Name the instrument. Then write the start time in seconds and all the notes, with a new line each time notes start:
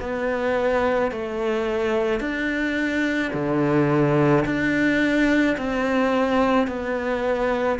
cello
0.00 B3
1.11 A3
2.20 D4
3.33 D3
4.45 D4
5.58 C4
6.68 B3